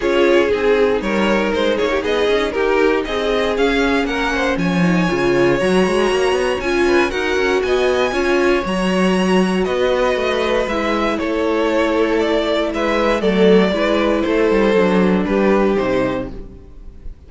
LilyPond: <<
  \new Staff \with { instrumentName = "violin" } { \time 4/4 \tempo 4 = 118 cis''4 gis'4 cis''4 c''8 cis''8 | dis''4 ais'4 dis''4 f''4 | fis''4 gis''2 ais''4~ | ais''4 gis''4 fis''4 gis''4~ |
gis''4 ais''2 dis''4~ | dis''4 e''4 cis''2 | d''4 e''4 d''2 | c''2 b'4 c''4 | }
  \new Staff \with { instrumentName = "violin" } { \time 4/4 gis'2 ais'4. gis'16 g'16 | gis'4 g'4 gis'2 | ais'8 c''8 cis''2.~ | cis''4. b'8 ais'4 dis''4 |
cis''2. b'4~ | b'2 a'2~ | a'4 b'4 a'4 b'4 | a'2 g'2 | }
  \new Staff \with { instrumentName = "viola" } { \time 4/4 f'4 dis'2.~ | dis'2. cis'4~ | cis'4. dis'8 f'4 fis'4~ | fis'4 f'4 fis'2 |
f'4 fis'2.~ | fis'4 e'2.~ | e'2 a4 e'4~ | e'4 d'2 dis'4 | }
  \new Staff \with { instrumentName = "cello" } { \time 4/4 cis'4 c'4 g4 gis8 ais8 | b8 cis'8 dis'4 c'4 cis'4 | ais4 f4 cis4 fis8 gis8 | ais8 b8 cis'4 dis'8 cis'8 b4 |
cis'4 fis2 b4 | a4 gis4 a2~ | a4 gis4 fis4 gis4 | a8 g8 fis4 g4 c4 | }
>>